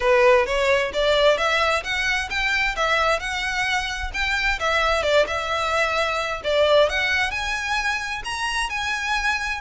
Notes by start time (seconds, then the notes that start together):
0.00 B4
0.46 C#5
0.93 D5
1.37 E5
1.83 F#5
2.30 G5
2.75 E5
3.19 F#5
4.13 G5
4.59 E5
5.03 D5
5.27 E5
6.44 D5
6.89 F#5
7.30 G#5
8.24 A#5
8.69 G#5